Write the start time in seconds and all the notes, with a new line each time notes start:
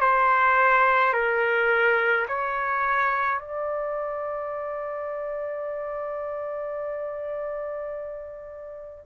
0.00 C5
1.13 A#4
2.27 C#5
3.39 D5